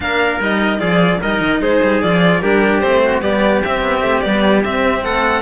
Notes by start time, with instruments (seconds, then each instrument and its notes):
0.00 cello A#3 D4, trumpet A#4, violin F5
0.40 cello G3 D#4, violin D#5
0.79 cello F3 F4, trumpet G#4, violin D5
1.21 cello G3 D#4, trumpet A#4, violin D#5
1.40 cello D#3
1.60 cello G#3, trumpet G#4, violin C5
1.82 cello G3
2.01 cello F3 F4, violin D5
2.41 cello G3 D4, trumpet G4, violin A#4
2.79 cello A3 C4, violin C5
3.04 trumpet F#4
3.21 cello G3 B3, trumpet G4, violin D5
3.63 cello C4, violin E5
3.81 cello B3
4.01 cello A3
4.20 cello G3 B3, violin D5
4.63 cello C4, violin E5
5.03 cello A3, trumpet A4, violin F#5